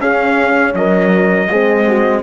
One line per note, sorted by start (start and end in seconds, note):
0.00 1.48 C#4
0.00 0.73 C#4
0.00 0.75 G#4
0.00 0.75 F5
0.73 1.48 F#3
0.73 1.50 A#4
0.73 2.23 D#5
1.50 2.23 G#3
1.50 2.23 C4
1.50 1.87 G#4
1.88 2.23 F#4